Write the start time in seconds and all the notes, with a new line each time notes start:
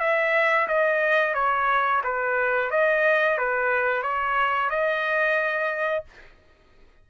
0.00 E5
0.68 D#5
1.35 C#5
2.04 B4
2.71 D#5
3.38 B4
4.03 C#5
4.70 D#5